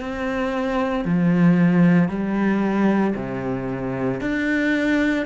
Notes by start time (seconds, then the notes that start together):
0.00 C4
1.05 F3
2.09 G3
3.15 C3
4.21 D4